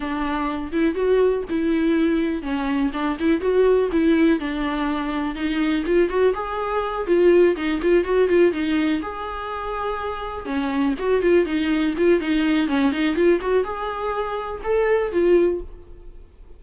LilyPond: \new Staff \with { instrumentName = "viola" } { \time 4/4 \tempo 4 = 123 d'4. e'8 fis'4 e'4~ | e'4 cis'4 d'8 e'8 fis'4 | e'4 d'2 dis'4 | f'8 fis'8 gis'4. f'4 dis'8 |
f'8 fis'8 f'8 dis'4 gis'4.~ | gis'4. cis'4 fis'8 f'8 dis'8~ | dis'8 f'8 dis'4 cis'8 dis'8 f'8 fis'8 | gis'2 a'4 f'4 | }